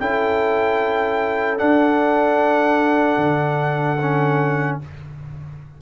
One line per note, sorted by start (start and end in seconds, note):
0.00 1.60 C#4
0.00 1.58 E4
0.00 4.81 A4
0.00 1.58 G5
1.58 3.98 D4
1.58 3.17 D4
1.58 4.78 F#5
3.17 4.77 D3
4.02 4.82 C#4